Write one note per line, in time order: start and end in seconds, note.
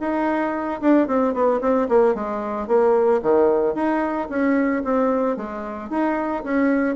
0.00 0.80 D#4
0.81 1.07 D4
1.07 1.33 C4
1.33 1.60 B3
1.61 1.87 C4
1.88 2.14 A#3
2.14 2.67 G#3
2.67 3.20 A#3
3.22 3.74 D#3
3.74 4.28 D#4
4.29 4.82 C#4
4.84 5.36 C4
5.36 5.90 G#3
5.90 6.43 D#4
6.43 6.95 C#4